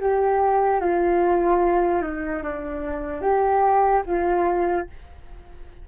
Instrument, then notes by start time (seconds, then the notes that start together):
flute
0.00 G4
0.80 F4
2.02 D#4
2.43 D4
3.22 G4
4.06 F4